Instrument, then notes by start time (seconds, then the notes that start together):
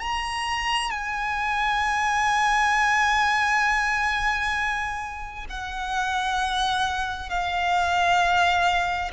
violin
0.00 A#5
0.91 G#5
5.50 F#5
7.29 F5